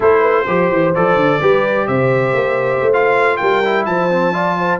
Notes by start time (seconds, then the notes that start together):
0.00 A3 E4 A4 C5
0.20 B4
0.47 F3 G4 C5
0.71 E3
0.94 F3 A4 D5
1.15 D3
1.40 G3 G4 B4
1.87 C3 C5 E5
2.33 A#3
2.81 A3
2.93 F4 F5
3.36 G3 A#4 G5
3.64 E4
3.85 F3 C5 A5
4.10 C4
4.32 F4 D5
4.58 C5